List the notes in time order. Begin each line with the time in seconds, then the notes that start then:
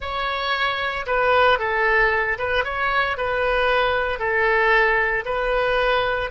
0.00 C#5
1.06 B4
1.59 A4
2.38 B4
2.64 C#5
3.17 B4
4.19 A4
5.25 B4